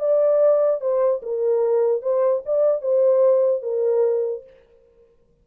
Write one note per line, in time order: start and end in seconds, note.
0.00 0.81 D5
0.81 1.22 C5
1.23 2.03 A#4
2.03 2.43 C5
2.46 2.82 D5
2.82 3.63 C5
3.63 4.44 A#4